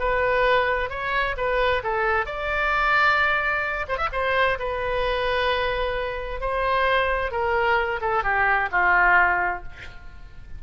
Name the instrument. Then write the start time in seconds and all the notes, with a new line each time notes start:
oboe
0.00 B4
0.90 C#5
1.37 B4
1.84 A4
2.26 D5
3.88 C5
3.98 E5
4.13 C5
4.59 B4
6.41 C5
7.32 A#4
8.01 A4
8.24 G4
8.72 F4